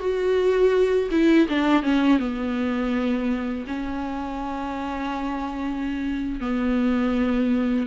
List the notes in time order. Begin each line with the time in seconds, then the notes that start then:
0.00 F#4
1.11 E4
1.49 D4
1.83 C#4
2.20 B3
3.68 C#4
6.41 B3